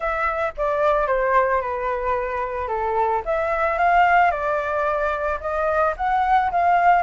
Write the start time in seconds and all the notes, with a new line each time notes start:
0.00 E5
0.57 D5
1.07 C5
1.61 B4
2.68 A4
3.25 E5
3.78 F5
4.31 D5
5.40 D#5
5.96 F#5
6.51 F5